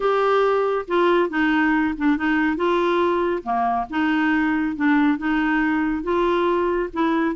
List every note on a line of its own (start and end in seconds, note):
0.00 0.85 G4
0.87 1.29 F4
1.29 1.94 D#4
1.97 2.17 D4
2.17 2.56 D#4
2.56 3.42 F4
3.43 3.86 A#3
3.89 4.75 D#4
4.75 5.18 D4
5.18 6.03 D#4
6.03 6.89 F4
6.93 7.35 E4